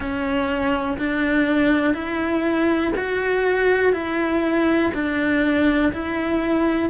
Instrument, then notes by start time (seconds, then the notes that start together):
cello
0.00 C#4
0.98 D4
1.94 E4
2.96 F#4
3.93 E4
4.94 D4
5.92 E4